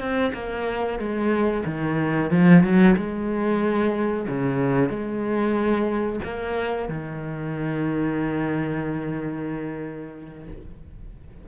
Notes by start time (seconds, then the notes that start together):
0.00 C4
0.34 A#3
0.99 G#3
1.66 D#3
2.31 F3
2.64 F#3
2.97 G#3
4.28 C#3
4.90 G#3
6.25 A#3
6.89 D#3